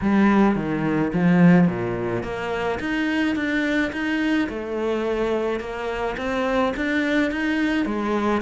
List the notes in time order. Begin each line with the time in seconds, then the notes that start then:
0.01 G3
0.55 D#3
1.13 F3
1.67 A#2
2.23 A#3
2.79 D#4
3.35 D4
3.92 D#4
4.49 A3
5.59 A#3
6.17 C4
6.76 D4
7.31 D#4
7.85 G#3